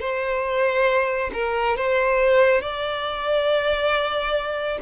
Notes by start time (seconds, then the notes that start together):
0.00 C5
1.33 A#4
1.76 C5
2.61 D5